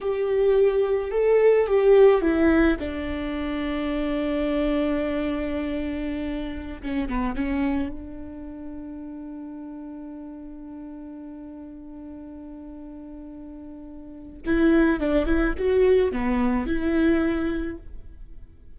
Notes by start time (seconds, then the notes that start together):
0.01 G4
1.11 A4
1.66 G4
2.21 E4
2.79 D4
6.82 C#4
7.08 B3
7.35 C#4
7.89 D4
14.46 E4
15.00 D4
15.26 E4
15.57 F#4
16.12 B3
16.66 E4